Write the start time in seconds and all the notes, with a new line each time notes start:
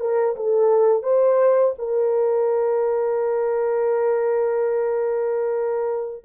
0.00 A#4
0.36 A4
1.03 C5
1.79 A#4